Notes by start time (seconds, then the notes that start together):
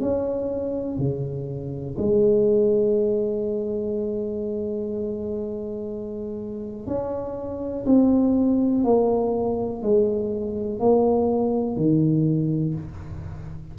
0.00 C#4
0.98 C#3
1.98 G#3
6.87 C#4
7.86 C4
8.84 A#3
9.82 G#3
10.80 A#3
11.76 D#3